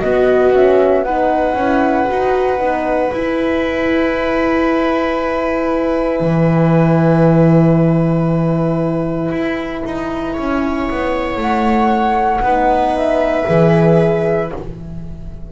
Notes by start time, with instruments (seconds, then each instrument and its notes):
0.00 horn B3, double bass B3, viola F#4, flute D#5
0.53 horn C#4, flute E5
1.03 horn D#4, viola B4, flute F#5
1.54 double bass C#4, horn E4
2.07 double bass D#4, horn F#4
2.58 double bass B3, horn D#4
3.10 double bass E4, horn E4, flute G#5
6.20 double bass E3
9.31 double bass E4
9.85 double bass D#4
10.33 double bass C#4, viola C#5
10.90 double bass B3
11.36 double bass A3, flute F#5
12.40 double bass B3, horn D#4, viola B4
12.96 flute E5
13.45 double bass E3, horn G#4